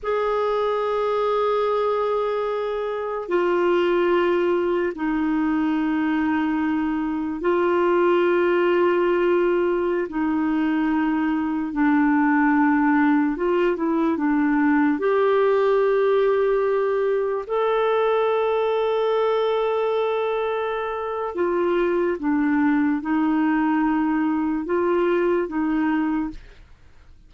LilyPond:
\new Staff \with { instrumentName = "clarinet" } { \time 4/4 \tempo 4 = 73 gis'1 | f'2 dis'2~ | dis'4 f'2.~ | f'16 dis'2 d'4.~ d'16~ |
d'16 f'8 e'8 d'4 g'4.~ g'16~ | g'4~ g'16 a'2~ a'8.~ | a'2 f'4 d'4 | dis'2 f'4 dis'4 | }